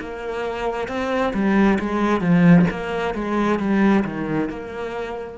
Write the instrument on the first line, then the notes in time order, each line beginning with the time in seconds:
cello
0.00 A#3
0.88 C4
1.34 G3
1.79 G#3
2.21 F3
2.71 A#3
3.15 G#3
3.59 G3
4.04 D#3
4.49 A#3